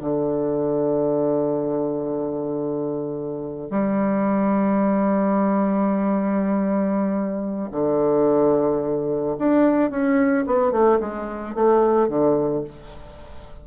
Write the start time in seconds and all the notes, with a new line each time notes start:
0.00 D3
3.70 G3
7.71 D3
9.38 D4
9.90 C#4
10.46 B3
10.71 A3
11.00 G#3
11.54 A3
12.08 D3